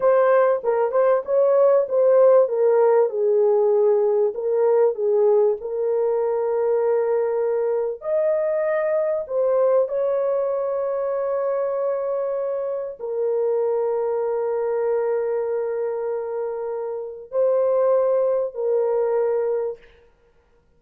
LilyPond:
\new Staff \with { instrumentName = "horn" } { \time 4/4 \tempo 4 = 97 c''4 ais'8 c''8 cis''4 c''4 | ais'4 gis'2 ais'4 | gis'4 ais'2.~ | ais'4 dis''2 c''4 |
cis''1~ | cis''4 ais'2.~ | ais'1 | c''2 ais'2 | }